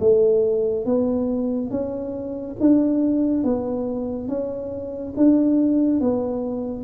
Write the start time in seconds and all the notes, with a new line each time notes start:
0.00 A3
0.86 B3
1.71 C#4
2.60 D4
3.44 B3
4.28 C#4
5.17 D4
6.01 B3